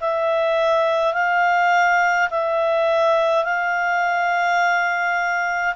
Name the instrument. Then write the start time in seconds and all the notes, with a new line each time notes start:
clarinet
0.00 E5
1.13 F5
2.30 E5
3.44 F5